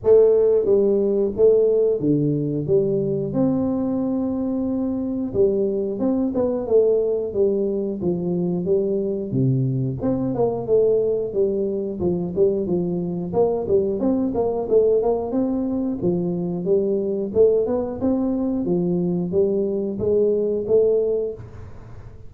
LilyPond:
\new Staff \with { instrumentName = "tuba" } { \time 4/4 \tempo 4 = 90 a4 g4 a4 d4 | g4 c'2. | g4 c'8 b8 a4 g4 | f4 g4 c4 c'8 ais8 |
a4 g4 f8 g8 f4 | ais8 g8 c'8 ais8 a8 ais8 c'4 | f4 g4 a8 b8 c'4 | f4 g4 gis4 a4 | }